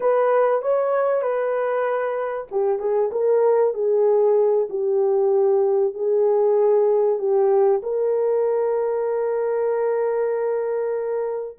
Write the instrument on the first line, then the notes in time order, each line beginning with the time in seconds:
horn
0.00 B4
0.62 C#5
1.22 B4
2.51 G4
2.79 G#4
3.11 A#4
3.74 G#4
4.69 G4
5.94 G#4
7.18 G4
7.82 A#4